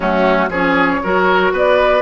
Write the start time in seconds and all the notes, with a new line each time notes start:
0.00 F#3 A3 C#4 F#4
0.49 F3 C#4 G#4 C#5
1.02 F#3 F#4 A#4
1.52 B3 B4 D5